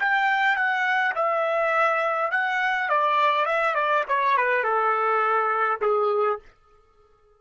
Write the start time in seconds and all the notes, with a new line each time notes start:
0.00 G5
0.57 F#5
1.16 E5
2.31 F#5
2.89 D5
3.46 E5
3.75 D5
4.09 C#5
4.38 B4
4.64 A4
5.81 G#4